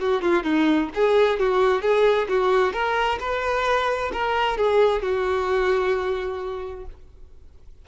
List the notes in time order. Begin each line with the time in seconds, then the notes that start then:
0.00 F#4
0.22 F4
0.44 D#4
0.95 G#4
1.40 F#4
1.82 G#4
2.29 F#4
2.73 A#4
3.20 B4
4.13 A#4
4.58 G#4
5.03 F#4